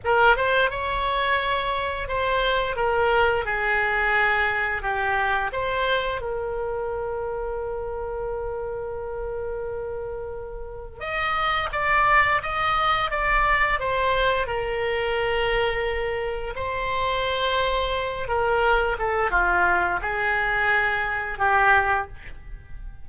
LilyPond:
\new Staff \with { instrumentName = "oboe" } { \time 4/4 \tempo 4 = 87 ais'8 c''8 cis''2 c''4 | ais'4 gis'2 g'4 | c''4 ais'2.~ | ais'1 |
dis''4 d''4 dis''4 d''4 | c''4 ais'2. | c''2~ c''8 ais'4 a'8 | f'4 gis'2 g'4 | }